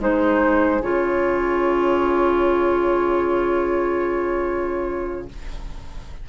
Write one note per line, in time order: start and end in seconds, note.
0.00 0.81 G#3
0.00 0.81 D#4
0.00 5.28 G#4
0.00 0.83 C5
0.83 5.29 C#3
0.83 5.29 F4
0.83 5.29 C#5